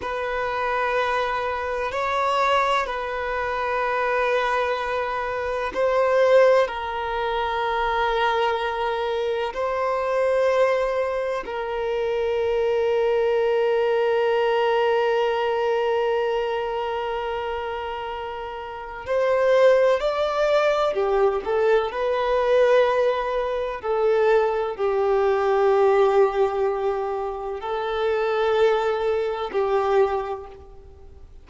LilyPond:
\new Staff \with { instrumentName = "violin" } { \time 4/4 \tempo 4 = 63 b'2 cis''4 b'4~ | b'2 c''4 ais'4~ | ais'2 c''2 | ais'1~ |
ais'1 | c''4 d''4 g'8 a'8 b'4~ | b'4 a'4 g'2~ | g'4 a'2 g'4 | }